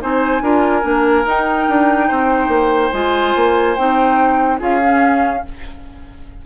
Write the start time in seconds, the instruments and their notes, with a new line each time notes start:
0.00 bassoon C4, clarinet D#4, oboe C5, flute G#5
0.41 bassoon D4, clarinet F4, oboe A#4
0.82 bassoon A#3, clarinet D4
1.25 bassoon D#4, clarinet D#4, flute G5
1.68 bassoon D4
2.07 bassoon C4, oboe C5
2.48 bassoon A#3
2.92 bassoon G#3, clarinet F4, flute G#5
3.35 bassoon A#3
3.76 bassoon C4, clarinet D#4, flute G5
4.59 bassoon C#4, clarinet F4, oboe G#4, flute F5
4.82 clarinet C#4